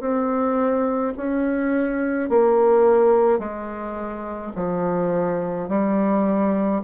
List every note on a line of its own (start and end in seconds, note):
0.00 1.13 C4
1.17 2.30 C#4
2.30 3.39 A#3
3.39 4.52 G#3
4.55 5.69 F3
5.69 6.82 G3